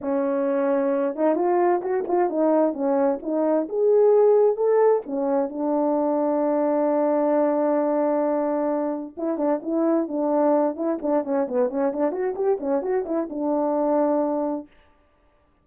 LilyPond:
\new Staff \with { instrumentName = "horn" } { \time 4/4 \tempo 4 = 131 cis'2~ cis'8 dis'8 f'4 | fis'8 f'8 dis'4 cis'4 dis'4 | gis'2 a'4 cis'4 | d'1~ |
d'1 | e'8 d'8 e'4 d'4. e'8 | d'8 cis'8 b8 cis'8 d'8 fis'8 g'8 cis'8 | fis'8 e'8 d'2. | }